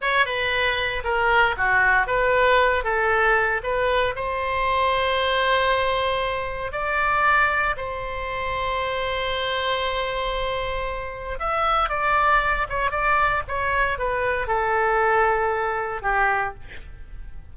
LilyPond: \new Staff \with { instrumentName = "oboe" } { \time 4/4 \tempo 4 = 116 cis''8 b'4. ais'4 fis'4 | b'4. a'4. b'4 | c''1~ | c''4 d''2 c''4~ |
c''1~ | c''2 e''4 d''4~ | d''8 cis''8 d''4 cis''4 b'4 | a'2. g'4 | }